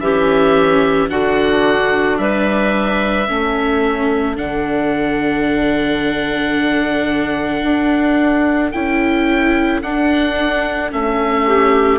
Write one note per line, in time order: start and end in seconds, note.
0.00 1.09 E3
0.00 1.09 C#4
0.00 1.10 G4
0.00 1.10 E5
1.09 2.19 D3
1.09 3.27 D4
1.09 2.19 F#4
1.09 2.18 F#5
2.18 3.28 G3
2.18 3.28 B4
2.18 4.37 E5
3.28 4.38 A3
3.28 4.37 C#4
3.28 11.46 A4
4.37 7.63 D3
4.37 8.73 D4
4.37 8.72 F#5
7.63 8.72 D4
8.72 9.83 C#4
8.72 9.83 E4
8.72 9.81 G5
9.83 10.92 D4
9.83 10.91 D4
9.83 10.92 F#5
10.91 11.99 A3
10.91 11.99 C#4
10.91 11.99 E5
11.47 11.99 G4